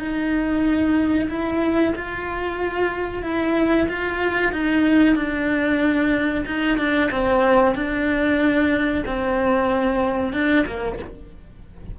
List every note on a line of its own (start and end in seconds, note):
0.00 1.29 D#4
1.30 1.94 E4
1.96 3.23 F4
3.23 3.88 E4
3.89 4.52 F4
4.52 5.16 D#4
5.16 6.45 D4
6.46 6.78 D#4
6.78 7.10 D4
7.11 7.75 C4
7.75 9.04 D4
9.06 10.33 C4
10.33 10.66 D4
10.67 10.99 A#3